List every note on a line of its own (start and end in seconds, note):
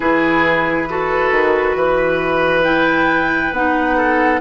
0.00 1.31 E3
0.00 0.87 E4
0.00 0.88 G#4
0.00 2.64 B4
0.89 2.64 F#4
0.89 1.77 A4
1.31 1.75 D#3
1.75 3.51 E3
1.75 3.96 B4
2.64 3.52 E4
2.64 3.52 G5
3.51 4.40 B3
3.51 4.40 D#4
3.51 4.40 F#5
3.96 4.40 A4